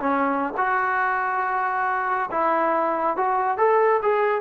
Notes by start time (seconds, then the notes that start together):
0.00 C#4
0.58 F#4
2.32 E4
3.17 F#4
3.58 A4
4.03 G#4